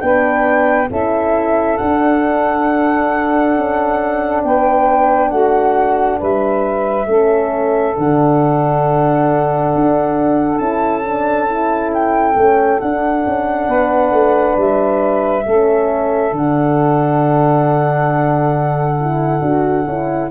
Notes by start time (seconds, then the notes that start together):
0.00 B3 D4 B4 G5
0.90 C#4 E4 A4 E5
1.77 D4 F#5
3.56 C#4
4.43 B3 B4 G5
5.29 A3 F#4 F#5
6.19 G3 B4 E5
7.06 A3 C#4 A4
7.95 D3 D4 F#5
9.75 D4
10.58 C#4 E4 A5
11.04 D4
11.47 E4
11.94 G5
12.36 A3 C#4
12.80 D4 F#5
13.27 C#4
13.68 B3 B4
14.12 A3
14.57 G3 E5
15.44 A3 C#4 A4
16.32 D3 D4 F#5
19.01 E4
19.41 D4 F#4
19.86 C#4 E4